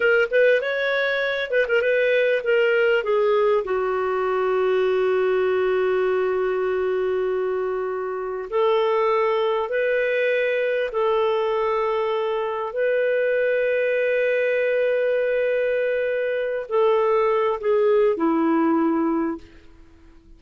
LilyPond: \new Staff \with { instrumentName = "clarinet" } { \time 4/4 \tempo 4 = 99 ais'8 b'8 cis''4. b'16 ais'16 b'4 | ais'4 gis'4 fis'2~ | fis'1~ | fis'2 a'2 |
b'2 a'2~ | a'4 b'2.~ | b'2.~ b'8 a'8~ | a'4 gis'4 e'2 | }